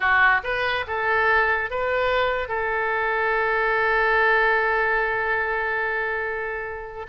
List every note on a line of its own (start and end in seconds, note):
0.00 0.41 F#4
0.43 0.85 B4
0.87 1.70 A4
1.70 2.48 B4
2.48 7.06 A4